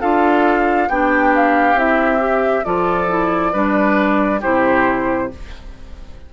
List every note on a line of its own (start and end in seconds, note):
0.00 0.88 D4
0.00 0.89 F4
0.00 0.88 A4
0.00 0.89 F5
0.88 1.74 B3
0.88 1.76 D4
0.88 2.65 G4
0.88 1.33 G5
1.35 1.78 F5
1.74 2.62 C4
1.74 2.19 E4
1.74 2.64 E5
2.19 2.63 G4
2.64 3.53 F3
2.64 3.08 F4
2.64 3.52 A4
2.64 4.41 D5
3.08 3.52 E4
3.52 4.41 G3
3.52 4.41 D4
3.52 4.40 B4
4.40 5.32 C3
4.40 5.30 E4
4.40 5.28 G4
4.40 5.30 C5